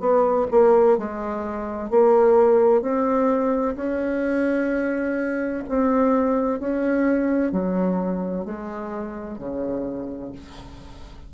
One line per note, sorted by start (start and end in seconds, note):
0.00 0.47 B3
0.52 0.98 A#3
0.98 1.90 G#3
1.90 2.82 A#3
2.82 3.76 C4
3.76 5.64 C#4
5.69 6.60 C4
6.60 7.53 C#4
7.53 8.45 F#3
8.45 9.39 G#3
9.39 10.33 C#3